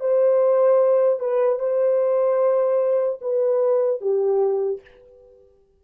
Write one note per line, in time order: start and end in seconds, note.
0.00 1.20 C5
1.20 1.59 B4
1.59 3.19 C5
3.21 4.00 B4
4.00 4.80 G4